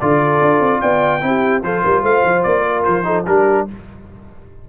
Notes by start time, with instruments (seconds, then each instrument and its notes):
0.00 tuba D3, trombone F4, horn A4, trumpet D5
0.41 tuba D4
0.60 tuba C4
0.81 tuba B3, horn D5, trumpet G5
1.20 tuba C4, trombone E4
1.26 horn G4
1.63 tuba F3, trombone F4, horn A4, trumpet C5
1.83 tuba G3, horn A#4
2.03 tuba A3, horn C5, trumpet F5
2.24 tuba F3
2.43 tuba A#3, trumpet D5
2.70 horn A#4
2.84 tuba F3, trumpet C5
3.04 trombone D#4, horn A4
3.27 tuba G3, trombone D4, horn G4, trumpet A#4